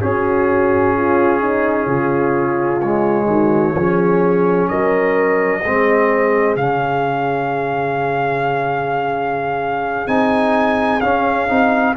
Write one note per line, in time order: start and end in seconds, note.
0.00 2.81 C#4
0.00 1.87 C#4
0.00 0.96 F#4
0.00 2.81 G#4
0.97 1.40 F4
1.40 1.86 D#4
1.86 3.27 C#3
1.86 3.26 F4
2.81 3.76 G#3
2.81 4.68 C#5
3.27 3.74 D#3
3.27 3.75 F#4
3.75 4.69 F3
3.75 5.64 C#4
3.75 4.70 G#4
4.68 5.64 F#3
4.68 5.61 A#4
4.68 6.56 D#5
5.61 6.56 G#3
5.61 6.58 C4
5.61 11.94 G#4
6.56 10.07 C#3
6.56 10.07 C#4
6.56 10.08 F5
10.07 11.01 C4
10.07 11.01 D#4
10.07 11.01 G#5
11.01 11.49 C#4
11.01 11.48 C#4
11.01 11.95 F5
11.48 11.96 C4
11.48 11.95 D#4